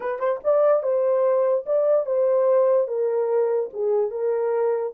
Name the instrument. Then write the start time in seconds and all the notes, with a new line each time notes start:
horn
0.00 B4
0.19 C5
0.44 D5
0.82 C5
1.66 D5
2.05 C5
2.87 A#4
3.73 G#4
4.10 A#4